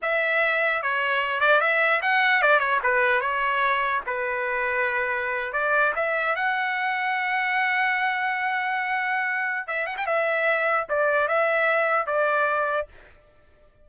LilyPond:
\new Staff \with { instrumentName = "trumpet" } { \time 4/4 \tempo 4 = 149 e''2 cis''4. d''8 | e''4 fis''4 d''8 cis''8 b'4 | cis''2 b'2~ | b'4.~ b'16 d''4 e''4 fis''16~ |
fis''1~ | fis''1 | e''8 fis''16 g''16 e''2 d''4 | e''2 d''2 | }